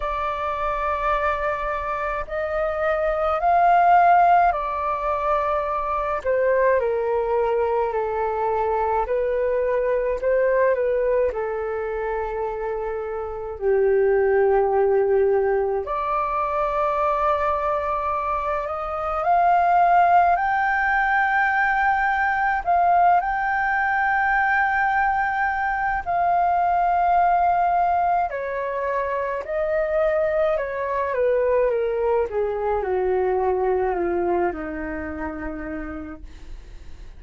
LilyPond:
\new Staff \with { instrumentName = "flute" } { \time 4/4 \tempo 4 = 53 d''2 dis''4 f''4 | d''4. c''8 ais'4 a'4 | b'4 c''8 b'8 a'2 | g'2 d''2~ |
d''8 dis''8 f''4 g''2 | f''8 g''2~ g''8 f''4~ | f''4 cis''4 dis''4 cis''8 b'8 | ais'8 gis'8 fis'4 f'8 dis'4. | }